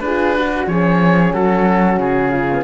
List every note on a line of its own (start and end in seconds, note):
0.00 0.66 D4
0.00 0.36 F4
0.00 0.37 G#4
0.00 0.66 B4
0.36 0.65 F#4
0.36 0.70 F#4
0.65 1.33 F3
0.65 2.46 C#4
0.65 1.34 G#4
0.65 1.34 C#5
1.34 1.98 F#3
1.34 2.31 F#4
1.34 2.00 A4
1.98 2.64 C#3
1.98 2.64 G#4
2.31 2.64 F4
2.52 2.64 B3